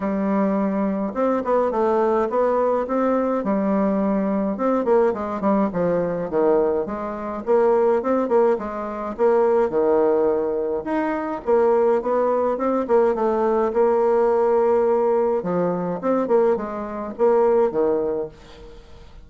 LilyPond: \new Staff \with { instrumentName = "bassoon" } { \time 4/4 \tempo 4 = 105 g2 c'8 b8 a4 | b4 c'4 g2 | c'8 ais8 gis8 g8 f4 dis4 | gis4 ais4 c'8 ais8 gis4 |
ais4 dis2 dis'4 | ais4 b4 c'8 ais8 a4 | ais2. f4 | c'8 ais8 gis4 ais4 dis4 | }